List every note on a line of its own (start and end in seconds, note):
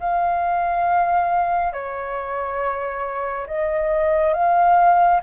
0.00 1.73 F5
1.73 3.47 C#5
3.47 4.34 D#5
4.34 5.21 F5